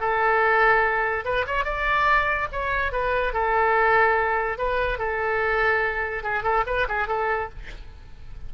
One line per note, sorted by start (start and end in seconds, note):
0.00 1.25 A4
1.25 1.45 B4
1.47 1.64 C#5
1.64 2.48 D5
2.52 2.92 C#5
2.92 3.33 B4
3.33 4.58 A4
4.58 4.98 B4
4.98 6.23 A4
6.23 6.43 G#4
6.43 6.64 A4
6.66 6.87 B4
6.88 7.08 G#4
7.08 7.49 A4